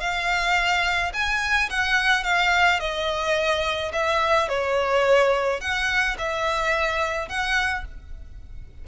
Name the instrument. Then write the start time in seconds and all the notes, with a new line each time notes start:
violin
0.00 F5
1.13 G#5
1.70 F#5
2.24 F5
2.80 D#5
3.93 E5
4.49 C#5
5.60 F#5
6.18 E5
7.29 F#5